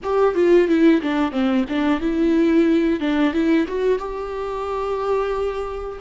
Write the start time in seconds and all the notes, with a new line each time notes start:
0.03 G4
0.35 F4
0.68 E4
1.01 D4
1.31 C4
1.68 D4
2.00 E4
2.99 D4
3.33 E4
3.67 F#4
3.98 G4